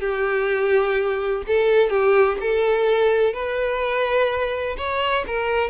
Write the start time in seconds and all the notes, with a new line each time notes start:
0.00 G4
1.47 A4
1.90 G4
2.40 A4
3.33 B4
4.77 C#5
5.27 A#4